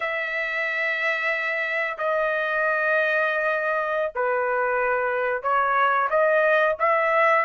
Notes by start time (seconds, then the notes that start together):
0.00 E5
1.98 D#5
4.15 B4
5.42 C#5
6.10 D#5
6.79 E5